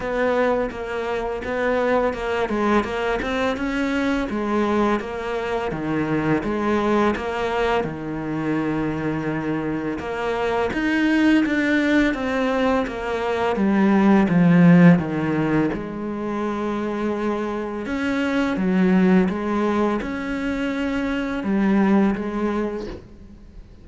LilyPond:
\new Staff \with { instrumentName = "cello" } { \time 4/4 \tempo 4 = 84 b4 ais4 b4 ais8 gis8 | ais8 c'8 cis'4 gis4 ais4 | dis4 gis4 ais4 dis4~ | dis2 ais4 dis'4 |
d'4 c'4 ais4 g4 | f4 dis4 gis2~ | gis4 cis'4 fis4 gis4 | cis'2 g4 gis4 | }